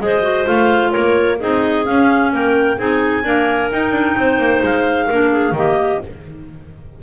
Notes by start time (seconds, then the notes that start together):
0.00 G#3 G#4 C5 D#5
0.23 F#4
0.45 A3 F4 F5
0.91 A#3 A#4 C#5
1.39 C4 D#4 G#4 D#5
1.84 C#4 F5
2.32 A#3 A#4 G5
2.78 C4 D#4 G#4 G#5
3.24 A#3 D4 A#4
3.71 D#4 G5
3.92 D4
4.16 C4 C5
4.38 A#3
4.63 G#3 F5
5.06 A#3 D4 A#4
5.31 G#4
5.51 D#3 A#3 G4 D#5